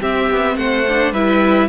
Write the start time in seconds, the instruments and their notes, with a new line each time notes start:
0.00 viola C4, cello C4, violin G4 E5
0.30 cello B3
0.57 cello A3, violin C5 F#5
0.89 viola D4
1.12 cello G3, viola E4, violin B4 E5